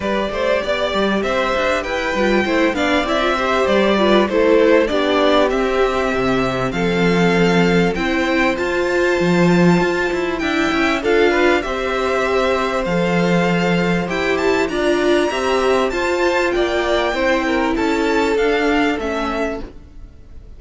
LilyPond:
<<
  \new Staff \with { instrumentName = "violin" } { \time 4/4 \tempo 4 = 98 d''2 e''4 g''4~ | g''8 f''8 e''4 d''4 c''4 | d''4 e''2 f''4~ | f''4 g''4 a''2~ |
a''4 g''4 f''4 e''4~ | e''4 f''2 g''8 a''8 | ais''2 a''4 g''4~ | g''4 a''4 f''4 e''4 | }
  \new Staff \with { instrumentName = "violin" } { \time 4/4 b'8 c''8 d''4 c''4 b'4 | c''8 d''4 c''4 b'8 a'4 | g'2. a'4~ | a'4 c''2.~ |
c''4 e''4 a'8 b'8 c''4~ | c''1 | d''4 e''4 c''4 d''4 | c''8 ais'8 a'2. | }
  \new Staff \with { instrumentName = "viola" } { \time 4/4 g'2.~ g'8 f'8 | e'8 d'8 e'16 f'16 g'4 f'8 e'4 | d'4 c'2.~ | c'4 e'4 f'2~ |
f'4 e'4 f'4 g'4~ | g'4 a'2 g'4 | f'4 g'4 f'2 | e'2 d'4 cis'4 | }
  \new Staff \with { instrumentName = "cello" } { \time 4/4 g8 a8 b8 g8 c'8 d'8 e'8 g8 | a8 b8 c'4 g4 a4 | b4 c'4 c4 f4~ | f4 c'4 f'4 f4 |
f'8 e'8 d'8 cis'8 d'4 c'4~ | c'4 f2 e'4 | d'4 c'4 f'4 ais4 | c'4 cis'4 d'4 a4 | }
>>